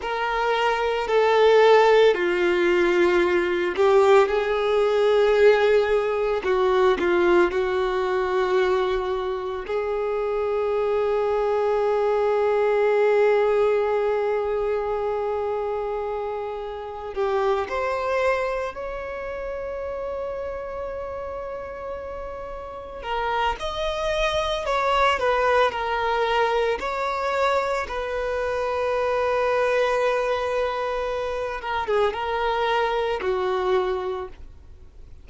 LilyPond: \new Staff \with { instrumentName = "violin" } { \time 4/4 \tempo 4 = 56 ais'4 a'4 f'4. g'8 | gis'2 fis'8 f'8 fis'4~ | fis'4 gis'2.~ | gis'1 |
g'8 c''4 cis''2~ cis''8~ | cis''4. ais'8 dis''4 cis''8 b'8 | ais'4 cis''4 b'2~ | b'4. ais'16 gis'16 ais'4 fis'4 | }